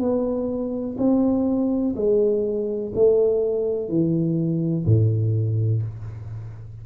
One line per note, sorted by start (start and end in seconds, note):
0.00 0.97 B3
0.98 1.95 C4
1.96 2.93 G#3
2.95 3.89 A3
3.89 4.86 E3
4.86 5.82 A2